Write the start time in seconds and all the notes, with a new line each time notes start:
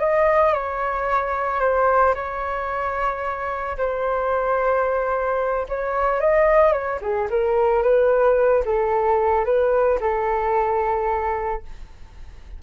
0.00 D#5
0.54 C#5
1.60 C5
2.15 C#5
3.78 C5
5.69 C#5
6.21 D#5
6.72 C#5
7.02 G#4
7.30 A#4
7.83 B4
8.66 A4
9.45 B4
10.01 A4